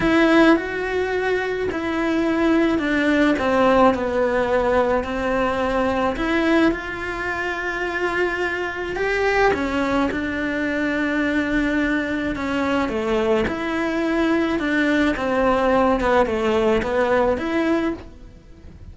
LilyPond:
\new Staff \with { instrumentName = "cello" } { \time 4/4 \tempo 4 = 107 e'4 fis'2 e'4~ | e'4 d'4 c'4 b4~ | b4 c'2 e'4 | f'1 |
g'4 cis'4 d'2~ | d'2 cis'4 a4 | e'2 d'4 c'4~ | c'8 b8 a4 b4 e'4 | }